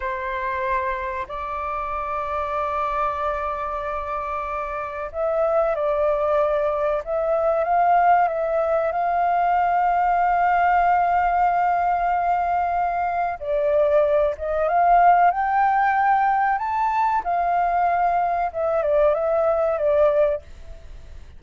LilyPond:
\new Staff \with { instrumentName = "flute" } { \time 4/4 \tempo 4 = 94 c''2 d''2~ | d''1 | e''4 d''2 e''4 | f''4 e''4 f''2~ |
f''1~ | f''4 d''4. dis''8 f''4 | g''2 a''4 f''4~ | f''4 e''8 d''8 e''4 d''4 | }